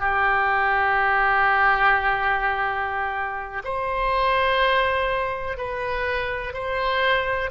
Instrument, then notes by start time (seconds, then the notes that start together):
oboe
0.00 G4
3.65 C5
5.58 B4
6.54 C5